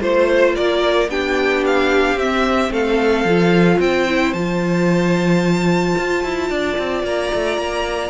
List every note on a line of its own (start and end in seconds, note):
0.00 0.55 A3
0.00 1.08 F4
0.00 0.54 C5
0.00 0.55 C5
0.55 1.08 A#3
0.55 1.10 A#4
0.55 1.09 D5
1.08 2.15 B3
1.08 2.17 D4
1.08 2.72 G4
1.08 1.64 G5
1.66 2.18 F5
2.15 2.69 C4
2.15 3.26 C4
2.15 2.72 E5
2.70 3.24 A3
2.70 3.80 A4
2.70 3.80 F5
3.24 3.78 F3
3.24 4.08 F4
3.79 4.33 C4
3.79 6.50 C5
3.79 4.33 G5
4.08 4.35 E4
4.33 5.95 F3
4.33 8.10 F4
4.33 7.03 A5
5.97 6.24 F4
6.24 6.50 E4
6.50 6.77 D4
6.50 8.10 D5
6.78 7.03 C4
7.03 7.30 A#3
7.03 8.10 A#5
7.34 7.57 A3
7.57 8.10 A#3